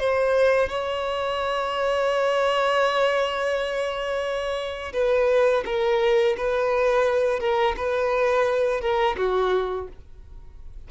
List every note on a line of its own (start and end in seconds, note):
0.00 0.69 C5
0.69 4.93 C#5
4.93 5.64 B4
5.66 6.37 A#4
6.38 7.40 B4
7.40 7.76 A#4
7.77 8.81 B4
8.81 9.17 A#4
9.18 9.88 F#4